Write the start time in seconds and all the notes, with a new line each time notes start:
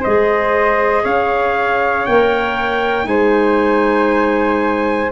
0.00 G#4 C5 D#5
0.06 G#3
1.03 C#4 C#5 F5
2.06 A#3 A#4 G5
3.04 G#3 D#4 C5 G#5